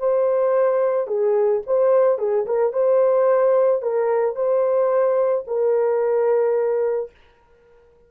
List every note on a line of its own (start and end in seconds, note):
0.00 1.08 C5
1.08 1.62 G#4
1.67 2.19 C5
2.19 2.46 G#4
2.46 2.73 A#4
2.73 3.82 C5
3.82 4.36 A#4
4.36 5.45 C5
5.48 7.12 A#4